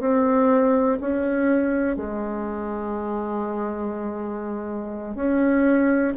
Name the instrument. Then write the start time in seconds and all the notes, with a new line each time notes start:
bassoon
0.00 C4
1.00 C#4
1.96 G#3
5.15 C#4